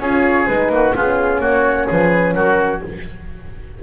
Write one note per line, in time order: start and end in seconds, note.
0.00 0.47 C#4
0.00 0.49 F4
0.00 0.72 G#4
0.00 0.47 C#5
0.47 0.70 G#3
0.47 0.96 D#4
0.47 0.94 B4
0.70 0.93 A#3
0.70 0.96 F#4
0.95 1.40 B3
0.95 2.83 C#4
0.95 1.41 F4
0.95 1.42 G#4
1.40 1.87 A#3
1.40 1.87 F#4
1.40 1.90 C#5
1.87 2.35 F3
1.87 2.34 G#4
1.87 2.34 B4
2.34 2.82 F#3
2.34 2.82 F#4
2.34 2.81 A#4